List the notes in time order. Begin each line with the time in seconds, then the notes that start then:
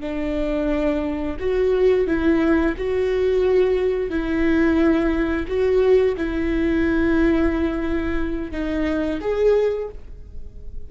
0.00 D4
1.39 F#4
2.07 E4
2.77 F#4
4.10 E4
5.47 F#4
6.17 E4
8.51 D#4
9.20 G#4